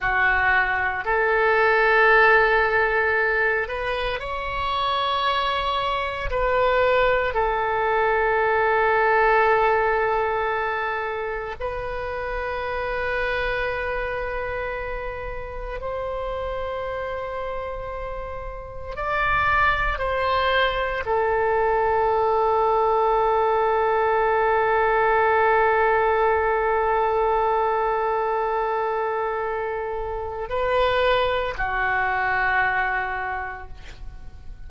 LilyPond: \new Staff \with { instrumentName = "oboe" } { \time 4/4 \tempo 4 = 57 fis'4 a'2~ a'8 b'8 | cis''2 b'4 a'4~ | a'2. b'4~ | b'2. c''4~ |
c''2 d''4 c''4 | a'1~ | a'1~ | a'4 b'4 fis'2 | }